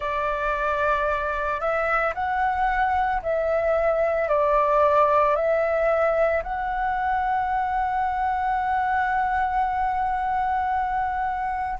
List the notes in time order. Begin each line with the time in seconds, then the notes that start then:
0.00 D5
1.60 E5
2.14 F#5
3.22 E5
4.28 D5
5.35 E5
6.43 F#5